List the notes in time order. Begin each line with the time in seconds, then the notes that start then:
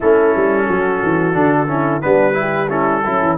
0.00 A3 C#4 E4 A4
0.36 G3
0.68 F#3 F#4
1.03 E3
1.33 D3 D4
1.67 C#4 E4
2.01 G3 B3 D4 B4
2.33 E4
2.40 G4
2.69 C#4 E4 A4
3.04 F#3 C#4 E4
3.21 E3